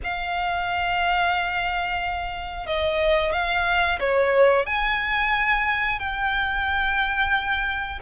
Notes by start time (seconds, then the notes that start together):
0.03 F5
2.66 D#5
3.32 F5
3.99 C#5
4.65 G#5
5.99 G5